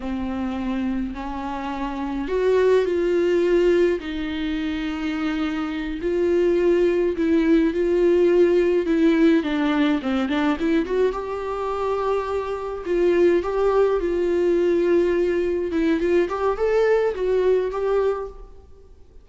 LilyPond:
\new Staff \with { instrumentName = "viola" } { \time 4/4 \tempo 4 = 105 c'2 cis'2 | fis'4 f'2 dis'4~ | dis'2~ dis'8 f'4.~ | f'8 e'4 f'2 e'8~ |
e'8 d'4 c'8 d'8 e'8 fis'8 g'8~ | g'2~ g'8 f'4 g'8~ | g'8 f'2. e'8 | f'8 g'8 a'4 fis'4 g'4 | }